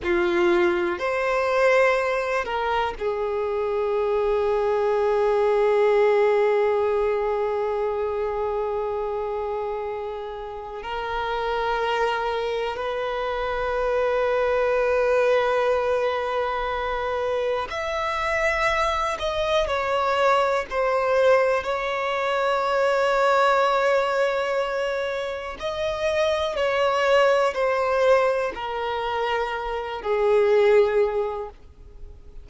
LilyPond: \new Staff \with { instrumentName = "violin" } { \time 4/4 \tempo 4 = 61 f'4 c''4. ais'8 gis'4~ | gis'1~ | gis'2. ais'4~ | ais'4 b'2.~ |
b'2 e''4. dis''8 | cis''4 c''4 cis''2~ | cis''2 dis''4 cis''4 | c''4 ais'4. gis'4. | }